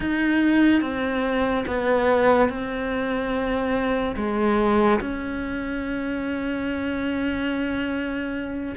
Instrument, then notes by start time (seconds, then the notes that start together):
cello
0.00 D#4
0.81 C4
1.67 B3
2.48 C4
4.16 G#3
5.00 C#4